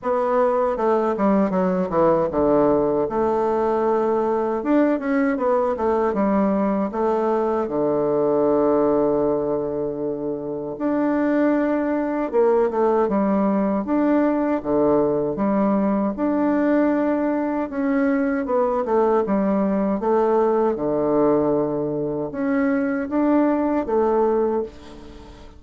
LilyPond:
\new Staff \with { instrumentName = "bassoon" } { \time 4/4 \tempo 4 = 78 b4 a8 g8 fis8 e8 d4 | a2 d'8 cis'8 b8 a8 | g4 a4 d2~ | d2 d'2 |
ais8 a8 g4 d'4 d4 | g4 d'2 cis'4 | b8 a8 g4 a4 d4~ | d4 cis'4 d'4 a4 | }